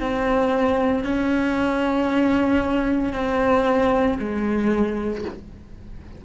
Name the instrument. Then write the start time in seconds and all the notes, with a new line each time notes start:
cello
0.00 C4
1.04 C#4
3.13 C4
4.20 G#3